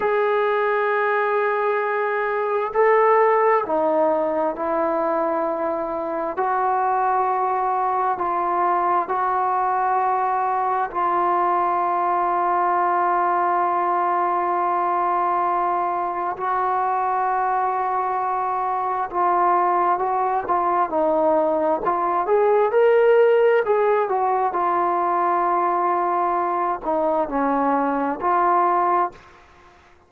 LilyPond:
\new Staff \with { instrumentName = "trombone" } { \time 4/4 \tempo 4 = 66 gis'2. a'4 | dis'4 e'2 fis'4~ | fis'4 f'4 fis'2 | f'1~ |
f'2 fis'2~ | fis'4 f'4 fis'8 f'8 dis'4 | f'8 gis'8 ais'4 gis'8 fis'8 f'4~ | f'4. dis'8 cis'4 f'4 | }